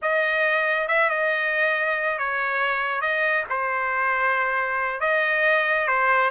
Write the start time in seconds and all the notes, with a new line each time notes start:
0.02 D#5
0.88 E5
1.09 D#5
2.18 C#5
3.01 D#5
3.49 C5
5.00 D#5
5.87 C5